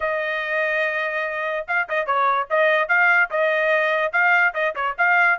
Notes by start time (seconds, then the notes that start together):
0.00 D#5
1.67 F5
1.88 D#5
2.06 C#5
2.50 D#5
2.88 F5
3.30 D#5
4.12 F5
4.54 D#5
4.75 C#5
4.97 F5